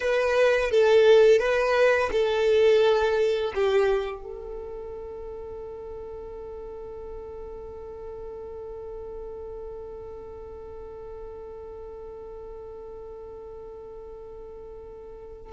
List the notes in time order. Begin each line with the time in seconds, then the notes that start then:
0.00 B4
0.71 A4
1.39 B4
2.11 A4
3.54 G4
4.24 A4